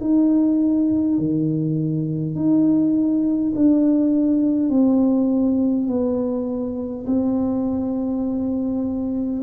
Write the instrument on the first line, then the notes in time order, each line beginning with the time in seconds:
tuba
0.00 D#4
1.18 D#3
2.35 D#4
3.55 D4
4.70 C4
5.87 B3
7.06 C4